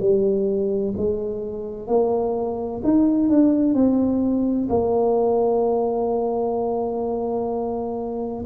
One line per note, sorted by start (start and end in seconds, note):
0.00 0.94 G3
0.97 1.87 G#3
1.87 2.81 A#3
2.84 3.29 D#4
3.29 3.74 D4
3.74 4.68 C4
4.69 8.44 A#3